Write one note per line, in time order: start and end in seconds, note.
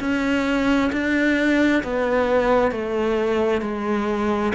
0.00 0.91 C#4
0.92 1.83 D4
1.83 2.71 B3
2.71 3.62 A3
3.62 4.52 G#3